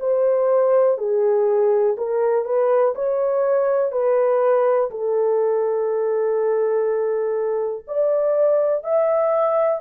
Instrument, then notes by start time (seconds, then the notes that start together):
horn
0.00 C5
0.98 G#4
1.98 A#4
2.45 B4
2.96 C#5
3.93 B4
4.91 A4
7.88 D5
8.84 E5